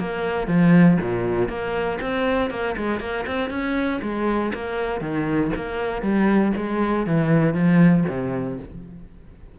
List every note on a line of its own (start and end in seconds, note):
0.00 0.48 A#3
0.48 0.98 F3
1.01 1.49 A#2
1.49 2.00 A#3
2.01 2.51 C4
2.51 2.76 A#3
2.77 3.00 G#3
3.00 3.26 A#3
3.27 3.50 C4
3.50 4.01 C#4
4.02 4.53 G#3
4.54 5.01 A#3
5.01 5.51 D#3
5.56 6.02 A#3
6.02 6.53 G3
6.57 7.07 G#3
7.07 7.54 E3
7.54 8.05 F3
8.09 8.59 C3